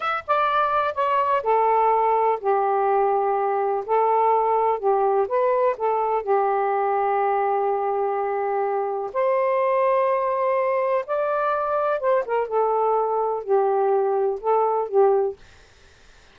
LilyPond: \new Staff \with { instrumentName = "saxophone" } { \time 4/4 \tempo 4 = 125 e''8 d''4. cis''4 a'4~ | a'4 g'2. | a'2 g'4 b'4 | a'4 g'2.~ |
g'2. c''4~ | c''2. d''4~ | d''4 c''8 ais'8 a'2 | g'2 a'4 g'4 | }